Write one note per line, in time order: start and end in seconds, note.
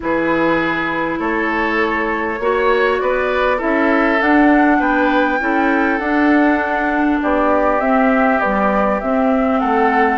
0.00 1.19 E3
0.00 2.37 E4
0.00 1.19 G#4
0.00 1.19 B4
1.19 2.39 A3
1.19 2.39 A4
1.19 2.99 C#5
2.39 2.99 A#3
2.39 3.58 F#4
2.39 3.01 C#5
2.99 3.61 B3
2.99 3.57 B4
2.99 3.59 D5
3.57 4.20 C#4
3.57 4.17 E4
3.57 4.77 A4
3.57 4.21 E5
4.19 5.39 D4
4.19 4.79 D4
4.19 4.81 F#5
4.79 5.39 B3
4.79 5.39 B4
4.79 5.98 G5
5.39 5.99 C#4
5.39 5.99 E4
5.39 7.21 A4
5.98 7.19 D4
5.98 7.80 D4
5.98 7.18 F#5
7.21 7.80 B3
7.21 9.59 G4
7.21 7.80 D5
7.80 8.40 C4
7.80 8.39 C4
7.80 8.40 E5
8.39 9.01 G3
8.39 8.99 B3
8.39 9.00 D5
9.00 10.18 C4
9.00 9.62 C4
9.00 9.59 E5
9.59 10.18 A3
9.59 10.18 A4
9.59 10.18 F#5